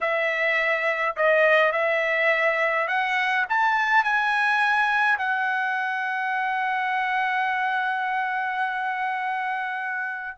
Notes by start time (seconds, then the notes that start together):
0.00 E5
1.16 D#5
1.72 E5
2.87 F#5
3.49 A5
4.04 G#5
5.17 F#5